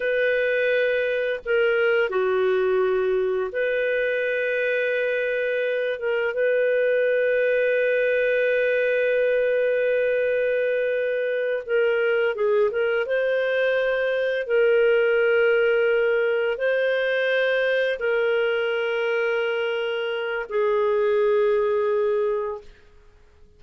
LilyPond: \new Staff \with { instrumentName = "clarinet" } { \time 4/4 \tempo 4 = 85 b'2 ais'4 fis'4~ | fis'4 b'2.~ | b'8 ais'8 b'2.~ | b'1~ |
b'8 ais'4 gis'8 ais'8 c''4.~ | c''8 ais'2. c''8~ | c''4. ais'2~ ais'8~ | ais'4 gis'2. | }